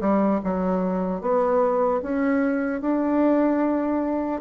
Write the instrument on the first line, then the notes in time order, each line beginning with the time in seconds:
bassoon
0.00 G3
0.44 F#3
1.21 B3
2.02 C#4
2.81 D4